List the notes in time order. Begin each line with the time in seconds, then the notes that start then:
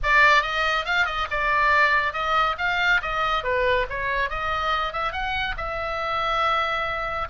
0.03 D5
0.42 D#5
0.85 F5
1.05 D#5
1.30 D5
2.13 D#5
2.58 F5
3.02 D#5
3.43 B4
3.89 C#5
4.29 D#5
4.92 E5
5.12 F#5
5.57 E5